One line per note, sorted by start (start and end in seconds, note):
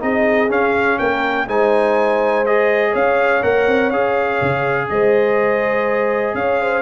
0.00 0.50 C4
0.00 0.49 D#4
0.00 1.00 G#4
0.00 0.51 D#5
0.50 0.99 C#4
0.50 1.47 C#4
0.50 0.99 F5
0.99 1.48 A#3
0.99 1.48 A#4
0.99 1.47 G5
1.48 2.94 G#3
1.48 2.45 D#4
1.48 2.91 C5
1.48 2.46 G#5
2.46 3.42 G#4
2.46 2.95 D#5
2.91 3.44 C#4
2.91 4.86 C#5
2.91 3.43 F5
3.42 3.67 A#3
3.42 3.91 A#4
3.42 3.90 F#5
3.67 3.91 C4
3.90 4.40 C#4
3.90 6.82 G#4
3.90 4.88 F5
4.41 4.90 C#3
4.90 6.34 G#3
4.90 6.37 C5
4.90 6.35 D#5
6.34 6.82 C#4
6.34 6.61 C#5
6.34 6.82 F5
6.61 6.82 C5